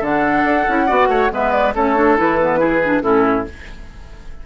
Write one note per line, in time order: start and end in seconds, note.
0.00 0.44 D3
0.00 0.66 D4
0.00 0.86 A4
0.00 1.33 F#5
0.44 0.66 D4
0.69 0.90 C#4
0.69 0.88 E4
0.87 1.08 B3
0.87 1.30 F#4
0.87 1.08 D5
1.08 1.30 A3
1.08 1.32 C#5
1.31 1.75 G#3
1.31 1.74 B3
1.31 1.75 B4
1.31 1.52 E5
1.52 1.73 D5
1.75 2.18 A3
1.75 1.96 C#4
1.75 2.60 A4
1.75 2.18 C#5
1.96 2.17 D4
2.17 3.03 E3
2.17 2.39 E4
2.17 3.02 B4
2.41 2.58 B3
2.58 2.80 E4
2.58 3.02 G#4
2.84 3.02 D4
3.02 3.46 A2
3.02 3.45 C#4
3.02 3.46 E4
3.02 3.45 A4